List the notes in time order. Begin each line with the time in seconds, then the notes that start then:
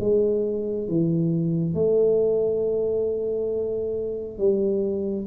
0.00 G#3
0.88 E3
1.74 A3
4.38 G3